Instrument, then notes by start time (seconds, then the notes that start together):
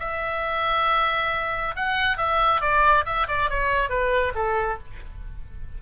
oboe
0.00 E5
1.76 F#5
2.18 E5
2.61 D5
3.05 E5
3.28 D5
3.50 C#5
3.89 B4
4.35 A4